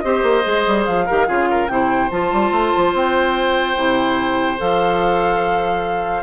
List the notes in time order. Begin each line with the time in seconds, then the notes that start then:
0.00 C4 G4 C5 D#5
0.23 A#3
0.44 G#3 G#4
0.67 G3
0.86 F3 F5
1.06 D#3 G4 A#4
1.28 C#3 F4 G#4
1.51 A#4
1.68 C3 E4 C5 G5
2.12 F3 F4 A5
2.33 G3
2.52 A3
2.77 F3
2.94 C4 G5
3.77 C3 E4
4.58 F3 A4 F5